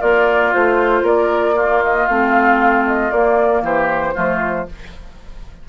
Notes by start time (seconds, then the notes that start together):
0.00 A#3 F4 A#4 D5
0.52 A3 F4 C5
1.03 A#3 A#4 D5
1.55 A#3 F4
1.84 D#5
2.06 A3 C4 F5
2.86 D#5
3.10 A#3 D5
3.62 E3 G4 C5
4.14 F3 A3 F4